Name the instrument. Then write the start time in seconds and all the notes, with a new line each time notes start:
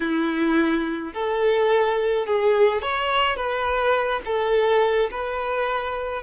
violin
0.00 E4
1.13 A4
2.26 G#4
2.82 C#5
3.36 B4
4.25 A4
5.10 B4